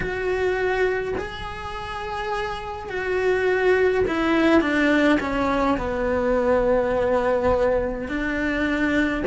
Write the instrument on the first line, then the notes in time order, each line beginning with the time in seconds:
cello
0.00 F#4
1.17 G#4
2.88 F#4
4.07 E4
4.61 D4
5.19 C#4
5.77 B3
8.08 D4